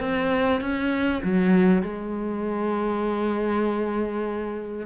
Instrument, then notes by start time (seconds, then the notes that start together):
cello
0.00 C4
0.61 C#4
1.24 F#3
1.82 G#3